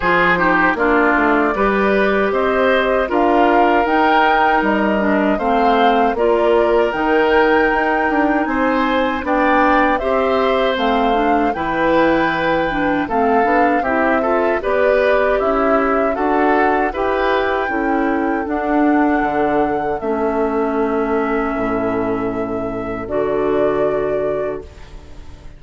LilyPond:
<<
  \new Staff \with { instrumentName = "flute" } { \time 4/4 \tempo 4 = 78 c''4 d''2 dis''4 | f''4 g''4 dis''4 f''4 | d''4 g''2 gis''4 | g''4 e''4 f''4 g''4~ |
g''4 f''4 e''4 d''4 | e''4 fis''4 g''2 | fis''2 e''2~ | e''2 d''2 | }
  \new Staff \with { instrumentName = "oboe" } { \time 4/4 gis'8 g'8 f'4 b'4 c''4 | ais'2. c''4 | ais'2. c''4 | d''4 c''2 b'4~ |
b'4 a'4 g'8 a'8 b'4 | e'4 a'4 b'4 a'4~ | a'1~ | a'1 | }
  \new Staff \with { instrumentName = "clarinet" } { \time 4/4 f'8 dis'8 d'4 g'2 | f'4 dis'4. d'8 c'4 | f'4 dis'2. | d'4 g'4 c'8 d'8 e'4~ |
e'8 d'8 c'8 d'8 e'8 f'8 g'4~ | g'4 fis'4 g'4 e'4 | d'2 cis'2~ | cis'2 fis'2 | }
  \new Staff \with { instrumentName = "bassoon" } { \time 4/4 f4 ais8 a8 g4 c'4 | d'4 dis'4 g4 a4 | ais4 dis4 dis'8 d'8 c'4 | b4 c'4 a4 e4~ |
e4 a8 b8 c'4 b4 | cis'4 d'4 e'4 cis'4 | d'4 d4 a2 | a,2 d2 | }
>>